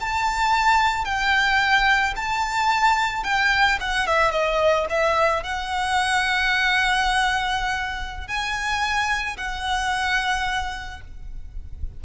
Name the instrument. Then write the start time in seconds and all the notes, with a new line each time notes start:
violin
0.00 A5
1.05 G5
2.16 A5
3.23 G5
3.80 F#5
4.07 E5
4.31 D#5
4.89 E5
5.43 F#5
8.27 G#5
9.37 F#5